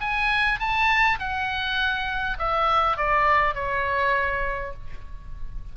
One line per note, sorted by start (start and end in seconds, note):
0.00 0.59 G#5
0.59 1.19 A5
1.19 2.37 F#5
2.38 2.97 E5
2.97 3.54 D5
3.54 4.73 C#5